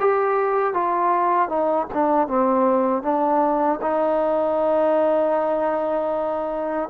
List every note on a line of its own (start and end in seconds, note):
0.00 0.74 G4
0.74 1.49 F4
1.49 1.87 D#4
1.94 2.28 D4
2.28 3.03 C4
3.03 3.80 D4
3.82 6.90 D#4